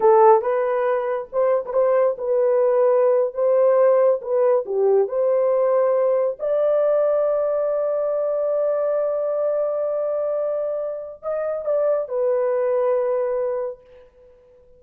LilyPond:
\new Staff \with { instrumentName = "horn" } { \time 4/4 \tempo 4 = 139 a'4 b'2 c''8. b'16 | c''4 b'2~ b'8. c''16~ | c''4.~ c''16 b'4 g'4 c''16~ | c''2~ c''8. d''4~ d''16~ |
d''1~ | d''1~ | d''2 dis''4 d''4 | b'1 | }